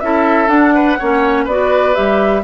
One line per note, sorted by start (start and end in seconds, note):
0.00 0.48 C#4
0.00 0.48 E4
0.00 0.74 A4
0.00 0.49 E5
0.48 0.97 D4
0.48 1.46 F#5
0.74 0.99 B4
0.99 1.47 A#3
0.99 1.49 C#4
0.99 1.44 C#5
1.44 1.96 B3
1.44 1.94 F#4
1.44 2.42 B4
1.44 1.95 D5
1.94 2.44 G3
1.94 2.43 G4
1.94 2.43 E5